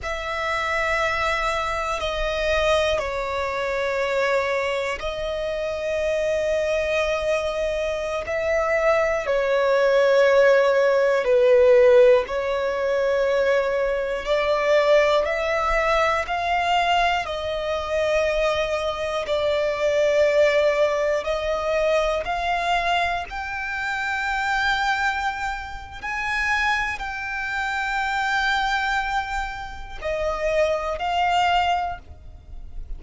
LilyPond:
\new Staff \with { instrumentName = "violin" } { \time 4/4 \tempo 4 = 60 e''2 dis''4 cis''4~ | cis''4 dis''2.~ | dis''16 e''4 cis''2 b'8.~ | b'16 cis''2 d''4 e''8.~ |
e''16 f''4 dis''2 d''8.~ | d''4~ d''16 dis''4 f''4 g''8.~ | g''2 gis''4 g''4~ | g''2 dis''4 f''4 | }